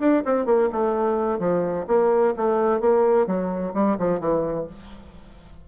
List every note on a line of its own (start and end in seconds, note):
0.00 0.23 D4
0.25 0.46 C4
0.46 0.69 A#3
0.72 1.39 A3
1.39 1.86 F3
1.88 2.35 A#3
2.37 2.81 A3
2.81 3.27 A#3
3.27 3.74 F#3
3.74 3.98 G3
3.99 4.20 F3
4.20 4.67 E3